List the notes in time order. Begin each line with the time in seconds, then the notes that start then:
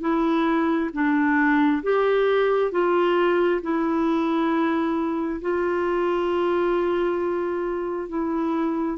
0.00 E4
0.93 D4
1.83 G4
2.71 F4
3.61 E4
5.41 F4
8.08 E4